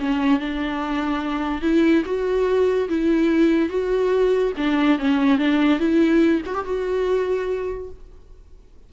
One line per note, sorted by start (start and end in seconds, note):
0.00 0.40 C#4
0.40 1.62 D4
1.62 2.04 E4
2.05 2.89 F#4
2.89 3.70 E4
3.70 4.53 F#4
4.58 4.99 D4
4.99 5.38 C#4
5.38 5.80 D4
5.80 6.42 E4
6.46 6.55 F#4
6.55 6.65 G4
6.65 7.90 F#4